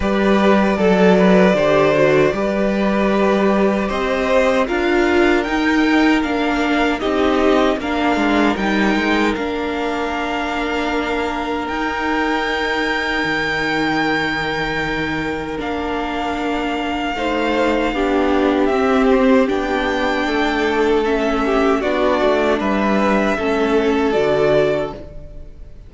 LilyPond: <<
  \new Staff \with { instrumentName = "violin" } { \time 4/4 \tempo 4 = 77 d''1~ | d''4 dis''4 f''4 g''4 | f''4 dis''4 f''4 g''4 | f''2. g''4~ |
g''1 | f''1 | e''8 c''8 g''2 e''4 | d''4 e''2 d''4 | }
  \new Staff \with { instrumentName = "violin" } { \time 4/4 b'4 a'8 b'8 c''4 b'4~ | b'4 c''4 ais'2~ | ais'4 g'4 ais'2~ | ais'1~ |
ais'1~ | ais'2 c''4 g'4~ | g'2 a'4. g'8 | fis'4 b'4 a'2 | }
  \new Staff \with { instrumentName = "viola" } { \time 4/4 g'4 a'4 g'8 fis'8 g'4~ | g'2 f'4 dis'4 | d'4 dis'4 d'4 dis'4 | d'2. dis'4~ |
dis'1 | d'2 dis'4 d'4 | c'4 d'2 cis'4 | d'2 cis'4 fis'4 | }
  \new Staff \with { instrumentName = "cello" } { \time 4/4 g4 fis4 d4 g4~ | g4 c'4 d'4 dis'4 | ais4 c'4 ais8 gis8 g8 gis8 | ais2. dis'4~ |
dis'4 dis2. | ais2 a4 b4 | c'4 b4 a2 | b8 a8 g4 a4 d4 | }
>>